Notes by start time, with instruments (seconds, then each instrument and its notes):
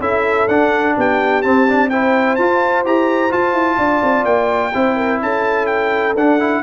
0.00 tuba C#4, trombone E4, horn A4, trumpet E5
0.48 tuba D4, trombone D4, trumpet F#5
0.97 tuba B3, horn G4, trumpet G5
1.42 trombone C4, tuba C4, trumpet A5
1.67 trombone D4
1.89 trombone E4, horn C5, trumpet G5
2.35 tuba F4, trombone F4, trumpet A5
2.85 tuba E4, trombone G4, trumpet A#5
3.30 trombone F4, tuba F4, trumpet A5
3.53 tuba E4
3.77 tuba D4, horn D5
4.03 tuba C4
4.25 tuba A#3, trumpet G5
4.74 tuba C4, trombone E4, horn C5
4.96 horn A#4
5.22 tuba C#4, horn A4, trumpet A5
5.66 trumpet G5
6.16 tuba D4, trombone D4, trumpet F#5
6.40 trombone E4